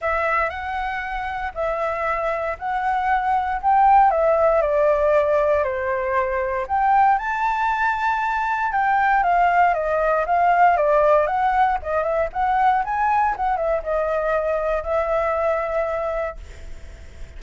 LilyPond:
\new Staff \with { instrumentName = "flute" } { \time 4/4 \tempo 4 = 117 e''4 fis''2 e''4~ | e''4 fis''2 g''4 | e''4 d''2 c''4~ | c''4 g''4 a''2~ |
a''4 g''4 f''4 dis''4 | f''4 d''4 fis''4 dis''8 e''8 | fis''4 gis''4 fis''8 e''8 dis''4~ | dis''4 e''2. | }